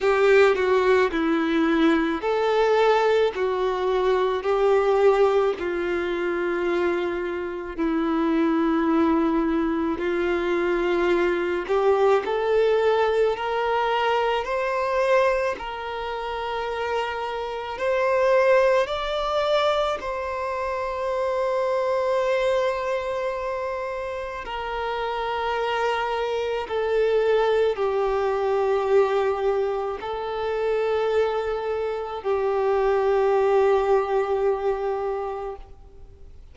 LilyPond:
\new Staff \with { instrumentName = "violin" } { \time 4/4 \tempo 4 = 54 g'8 fis'8 e'4 a'4 fis'4 | g'4 f'2 e'4~ | e'4 f'4. g'8 a'4 | ais'4 c''4 ais'2 |
c''4 d''4 c''2~ | c''2 ais'2 | a'4 g'2 a'4~ | a'4 g'2. | }